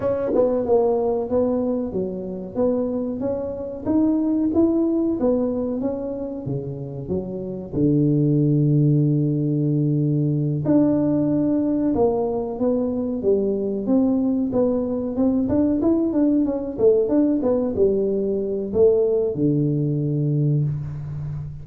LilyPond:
\new Staff \with { instrumentName = "tuba" } { \time 4/4 \tempo 4 = 93 cis'8 b8 ais4 b4 fis4 | b4 cis'4 dis'4 e'4 | b4 cis'4 cis4 fis4 | d1~ |
d8 d'2 ais4 b8~ | b8 g4 c'4 b4 c'8 | d'8 e'8 d'8 cis'8 a8 d'8 b8 g8~ | g4 a4 d2 | }